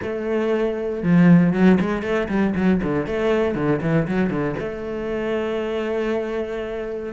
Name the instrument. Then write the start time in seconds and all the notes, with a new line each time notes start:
cello
0.02 A3
1.02 F3
1.53 F#3
1.80 G#3
2.02 A3
2.28 G3
2.55 F#3
2.82 D3
3.06 A3
3.55 D3
3.81 E3
4.07 F#3
4.30 D3
4.59 A3